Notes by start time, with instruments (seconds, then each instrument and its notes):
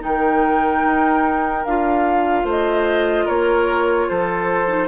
0.00 bassoon D#3, clarinet D#4, oboe A#4, flute G5
0.84 bassoon D#4
1.65 bassoon D4, clarinet F4, flute F5
2.44 bassoon A3, oboe C5, flute D#5
3.25 bassoon A#3, oboe A#4, flute C#5
4.10 bassoon F3, oboe A4, flute C5
4.68 clarinet D#4